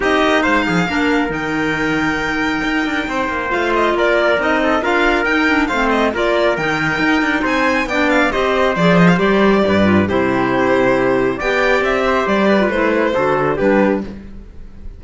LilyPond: <<
  \new Staff \with { instrumentName = "violin" } { \time 4/4 \tempo 4 = 137 dis''4 f''2 g''4~ | g''1 | f''8 dis''8 d''4 dis''4 f''4 | g''4 f''8 dis''8 d''4 g''4~ |
g''4 gis''4 g''8 f''8 dis''4 | d''8 dis''16 f''16 d''2 c''4~ | c''2 g''4 e''4 | d''4 c''2 b'4 | }
  \new Staff \with { instrumentName = "trumpet" } { \time 4/4 g'4 c''8 gis'8 ais'2~ | ais'2. c''4~ | c''4 ais'4. a'8 ais'4~ | ais'4 c''4 ais'2~ |
ais'4 c''4 d''4 c''4~ | c''2 b'4 g'4~ | g'2 d''4. c''8~ | c''8 b'4. a'4 g'4 | }
  \new Staff \with { instrumentName = "clarinet" } { \time 4/4 dis'2 d'4 dis'4~ | dis'1 | f'2 dis'4 f'4 | dis'8 d'8 c'4 f'4 dis'4~ |
dis'2 d'4 g'4 | gis'4 g'4. f'8 e'4~ | e'2 g'2~ | g'8. f'16 e'4 fis'4 d'4 | }
  \new Staff \with { instrumentName = "cello" } { \time 4/4 c'8 ais8 gis8 f8 ais4 dis4~ | dis2 dis'8 d'8 c'8 ais8 | a4 ais4 c'4 d'4 | dis'4 a4 ais4 dis4 |
dis'8 d'8 c'4 b4 c'4 | f4 g4 g,4 c4~ | c2 b4 c'4 | g4 a4 d4 g4 | }
>>